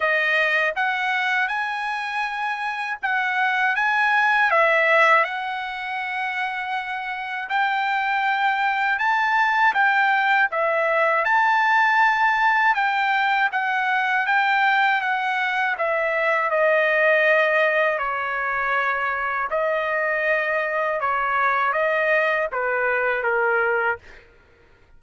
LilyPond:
\new Staff \with { instrumentName = "trumpet" } { \time 4/4 \tempo 4 = 80 dis''4 fis''4 gis''2 | fis''4 gis''4 e''4 fis''4~ | fis''2 g''2 | a''4 g''4 e''4 a''4~ |
a''4 g''4 fis''4 g''4 | fis''4 e''4 dis''2 | cis''2 dis''2 | cis''4 dis''4 b'4 ais'4 | }